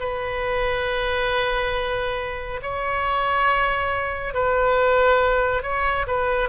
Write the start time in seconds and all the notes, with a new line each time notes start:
0.00 B4
2.62 C#5
4.34 B4
5.63 C#5
6.07 B4